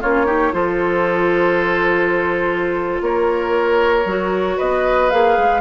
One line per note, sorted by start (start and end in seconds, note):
0.00 0.53 A#3
0.00 0.26 C#4
0.00 0.26 F4
0.00 0.53 C#5
0.26 0.52 D#4
0.26 0.52 G4
0.52 3.01 F3
0.52 4.04 F4
0.52 3.02 A4
0.52 3.01 C5
3.01 4.05 A#3
3.01 4.57 A#4
3.01 4.59 C#5
4.05 4.57 F#3
4.05 5.11 F#4
4.57 5.12 B3
4.57 5.61 B4
4.57 5.10 D#5
5.10 5.38 A#3
5.10 5.61 G#4
5.10 5.61 F5
5.38 5.61 G#3